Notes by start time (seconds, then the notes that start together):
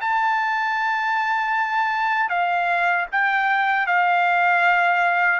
0.00 A5
2.29 F5
3.12 G5
3.86 F5